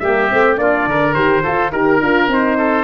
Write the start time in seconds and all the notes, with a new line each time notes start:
0.00 G3 A#3 G4 E5
0.29 A3 C4
0.56 A#3 D4 F4 D5
0.87 D3 A#4
1.14 D#3 G4 C5
1.43 F4 A4
1.72 D#4 G4 A#4
2.01 D4 F4
2.28 C4 D#4 C5
2.58 A4